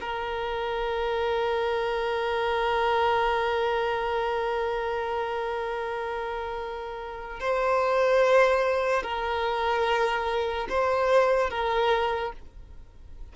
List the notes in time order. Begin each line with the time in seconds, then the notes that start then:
0.00 A#4
7.40 C5
9.02 A#4
10.69 C5
11.50 A#4